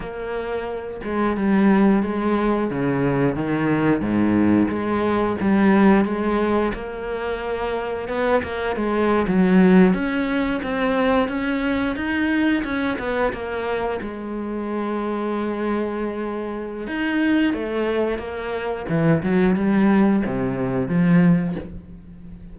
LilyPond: \new Staff \with { instrumentName = "cello" } { \time 4/4 \tempo 4 = 89 ais4. gis8 g4 gis4 | cis4 dis4 gis,4 gis4 | g4 gis4 ais2 | b8 ais8 gis8. fis4 cis'4 c'16~ |
c'8. cis'4 dis'4 cis'8 b8 ais16~ | ais8. gis2.~ gis16~ | gis4 dis'4 a4 ais4 | e8 fis8 g4 c4 f4 | }